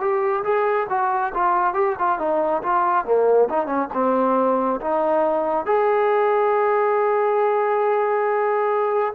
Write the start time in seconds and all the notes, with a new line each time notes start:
0.00 G4
0.43 G#4
0.89 F#4
1.34 F4
1.74 G4
1.99 F4
2.19 D#4
2.62 F4
3.05 A#3
3.49 D#4
3.66 C#4
3.93 C4
4.81 D#4
5.66 G#4